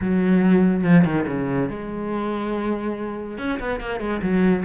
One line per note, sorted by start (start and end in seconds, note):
0.01 0.83 F#3
0.83 1.04 F3
1.04 1.26 D#3
1.27 1.69 C#3
1.69 3.38 G#3
3.38 3.59 C#4
3.59 3.80 B3
3.80 3.99 A#3
3.99 4.21 G#3
4.22 4.64 F#3